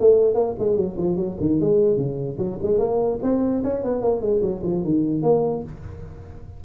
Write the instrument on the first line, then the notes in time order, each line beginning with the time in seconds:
tuba
0.00 A3
0.35 A#3
0.59 G#3
0.77 F#3
0.97 F3
1.17 F#3
1.40 D#3
1.61 G#3
1.97 C#3
2.38 F#3
2.63 G#3
2.79 A#3
3.23 C4
3.64 C#4
3.84 B3
4.02 A#3
4.21 G#3
4.42 F#3
4.64 F3
4.84 D#3
5.23 A#3